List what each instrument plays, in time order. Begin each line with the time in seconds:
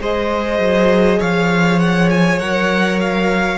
0.00 cello G#3, viola G#4, violin C5 D#5
0.59 cello F#3
1.19 cello F3, violin C#5 F5
1.79 violin F#5
2.10 violin G#5
2.39 cello F#3, viola A#4, violin F#5
3.00 violin F5